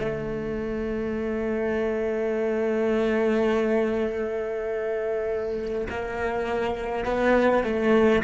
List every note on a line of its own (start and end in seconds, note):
0.00 5.88 A3
5.90 7.05 A#3
7.05 7.64 B3
7.64 8.23 A3